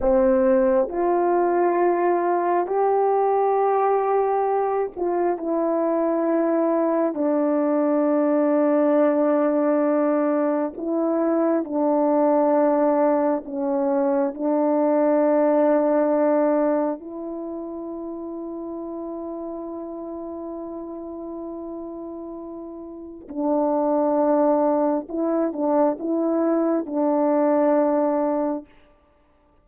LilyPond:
\new Staff \with { instrumentName = "horn" } { \time 4/4 \tempo 4 = 67 c'4 f'2 g'4~ | g'4. f'8 e'2 | d'1 | e'4 d'2 cis'4 |
d'2. e'4~ | e'1~ | e'2 d'2 | e'8 d'8 e'4 d'2 | }